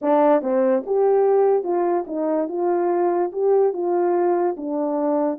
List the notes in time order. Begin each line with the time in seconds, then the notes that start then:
0.01 D4
0.42 C4
0.86 G4
1.63 F4
2.07 D#4
2.48 F4
3.32 G4
3.73 F4
4.56 D4